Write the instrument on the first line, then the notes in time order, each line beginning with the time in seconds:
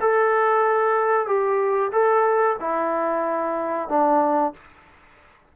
trombone
0.00 A4
1.26 G4
1.91 A4
2.60 E4
3.88 D4